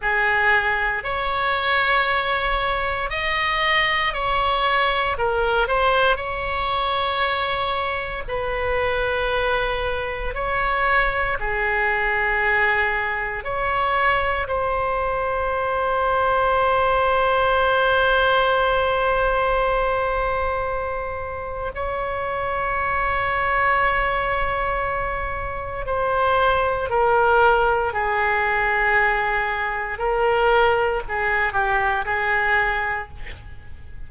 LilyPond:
\new Staff \with { instrumentName = "oboe" } { \time 4/4 \tempo 4 = 58 gis'4 cis''2 dis''4 | cis''4 ais'8 c''8 cis''2 | b'2 cis''4 gis'4~ | gis'4 cis''4 c''2~ |
c''1~ | c''4 cis''2.~ | cis''4 c''4 ais'4 gis'4~ | gis'4 ais'4 gis'8 g'8 gis'4 | }